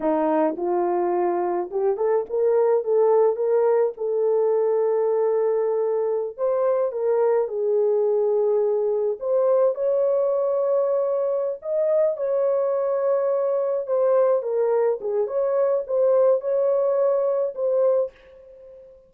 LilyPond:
\new Staff \with { instrumentName = "horn" } { \time 4/4 \tempo 4 = 106 dis'4 f'2 g'8 a'8 | ais'4 a'4 ais'4 a'4~ | a'2.~ a'16 c''8.~ | c''16 ais'4 gis'2~ gis'8.~ |
gis'16 c''4 cis''2~ cis''8.~ | cis''8 dis''4 cis''2~ cis''8~ | cis''8 c''4 ais'4 gis'8 cis''4 | c''4 cis''2 c''4 | }